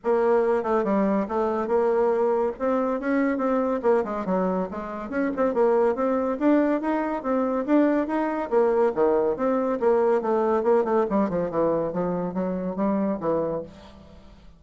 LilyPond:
\new Staff \with { instrumentName = "bassoon" } { \time 4/4 \tempo 4 = 141 ais4. a8 g4 a4 | ais2 c'4 cis'4 | c'4 ais8 gis8 fis4 gis4 | cis'8 c'8 ais4 c'4 d'4 |
dis'4 c'4 d'4 dis'4 | ais4 dis4 c'4 ais4 | a4 ais8 a8 g8 f8 e4 | f4 fis4 g4 e4 | }